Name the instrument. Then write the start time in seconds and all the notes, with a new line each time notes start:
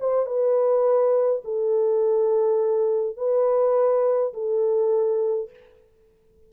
horn
0.00 C5
0.26 B4
1.44 A4
3.16 B4
4.33 A4